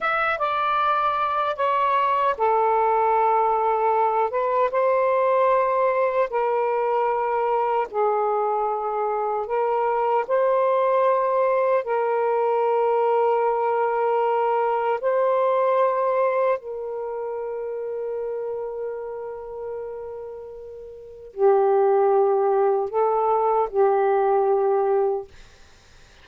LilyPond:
\new Staff \with { instrumentName = "saxophone" } { \time 4/4 \tempo 4 = 76 e''8 d''4. cis''4 a'4~ | a'4. b'8 c''2 | ais'2 gis'2 | ais'4 c''2 ais'4~ |
ais'2. c''4~ | c''4 ais'2.~ | ais'2. g'4~ | g'4 a'4 g'2 | }